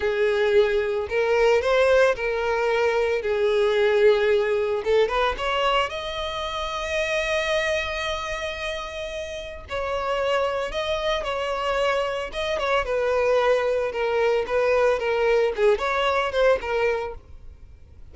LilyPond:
\new Staff \with { instrumentName = "violin" } { \time 4/4 \tempo 4 = 112 gis'2 ais'4 c''4 | ais'2 gis'2~ | gis'4 a'8 b'8 cis''4 dis''4~ | dis''1~ |
dis''2 cis''2 | dis''4 cis''2 dis''8 cis''8 | b'2 ais'4 b'4 | ais'4 gis'8 cis''4 c''8 ais'4 | }